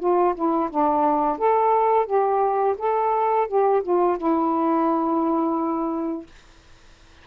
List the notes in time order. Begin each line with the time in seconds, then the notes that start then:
0.00 F4
0.35 E4
0.70 D4
1.38 A4
2.06 G4
2.78 A4
3.48 G4
3.83 F4
4.18 E4